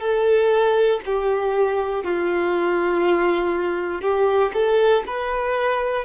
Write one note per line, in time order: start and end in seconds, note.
0.00 1.00 A4
1.06 2.04 G4
2.04 4.02 F4
4.02 4.52 G4
4.54 5.04 A4
5.07 6.05 B4